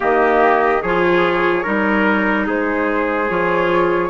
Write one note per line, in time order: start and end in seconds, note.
0.00 0.82 D#3
0.00 0.80 A#3
0.00 0.82 G4
0.00 0.82 D#5
0.82 1.65 F3
0.82 1.63 F4
0.82 1.63 G#4
0.82 2.46 C#5
1.63 2.48 G3
1.63 3.27 D#4
1.63 2.45 A#4
2.46 3.29 G#3
2.46 4.10 G#4
2.46 3.30 C5
3.29 4.10 F3
3.29 4.10 F4
3.29 4.10 C#5